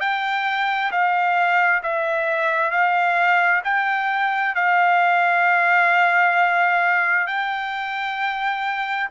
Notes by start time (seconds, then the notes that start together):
0.00 G5
0.91 F5
1.83 E5
2.71 F5
3.64 G5
4.55 F5
7.27 G5